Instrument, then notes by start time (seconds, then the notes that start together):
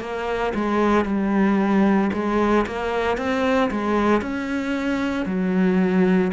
cello
0.00 A#3
0.54 G#3
1.05 G3
2.13 G#3
2.66 A#3
3.17 C4
3.71 G#3
4.22 C#4
5.26 F#3